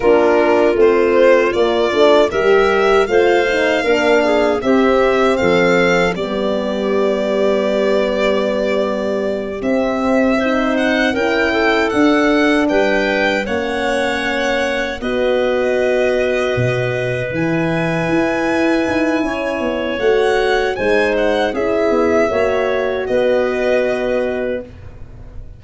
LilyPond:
<<
  \new Staff \with { instrumentName = "violin" } { \time 4/4 \tempo 4 = 78 ais'4 c''4 d''4 e''4 | f''2 e''4 f''4 | d''1~ | d''8 e''4. fis''8 g''4 fis''8~ |
fis''8 g''4 fis''2 dis''8~ | dis''2~ dis''8 gis''4.~ | gis''2 fis''4 gis''8 fis''8 | e''2 dis''2 | }
  \new Staff \with { instrumentName = "clarinet" } { \time 4/4 f'2. ais'4 | c''4 ais'8 gis'8 g'4 a'4 | g'1~ | g'4. c''4 ais'8 a'4~ |
a'8 b'4 cis''2 b'8~ | b'1~ | b'4 cis''2 c''4 | gis'4 cis''4 b'2 | }
  \new Staff \with { instrumentName = "horn" } { \time 4/4 d'4 c'4 ais8 d'8 g'4 | f'8 dis'8 d'4 c'2 | b1~ | b8 c'4 dis'4 e'4 d'8~ |
d'4. cis'2 fis'8~ | fis'2~ fis'8 e'4.~ | e'2 fis'4 dis'4 | e'4 fis'2. | }
  \new Staff \with { instrumentName = "tuba" } { \time 4/4 ais4 a4 ais8 a8 g4 | a4 ais4 c'4 f4 | g1~ | g8 c'2 cis'4 d'8~ |
d'8 g4 ais2 b8~ | b4. b,4 e4 e'8~ | e'8 dis'8 cis'8 b8 a4 gis4 | cis'8 b8 ais4 b2 | }
>>